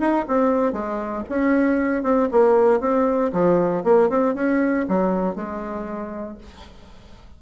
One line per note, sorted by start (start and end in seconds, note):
0.00 0.26 D#4
0.28 0.73 C4
0.73 1.24 G#3
1.29 2.03 C#4
2.03 2.29 C4
2.32 2.80 A#3
2.80 3.32 C4
3.33 3.84 F3
3.84 4.10 A#3
4.10 4.35 C4
4.35 4.86 C#4
4.89 5.35 F#3
5.35 6.38 G#3